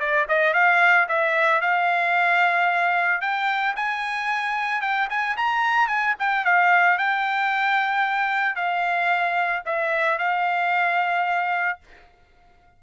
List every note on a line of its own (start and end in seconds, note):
0.00 0.27 D5
0.29 0.54 D#5
0.54 1.07 F5
1.09 1.61 E5
1.61 3.22 F5
3.22 3.75 G5
3.76 4.81 G#5
4.81 5.08 G5
5.10 5.37 G#5
5.37 5.88 A#5
5.88 6.15 G#5
6.19 6.45 G5
6.45 6.98 F5
6.98 8.56 G5
8.56 9.63 F5
9.66 10.19 E5
10.19 11.80 F5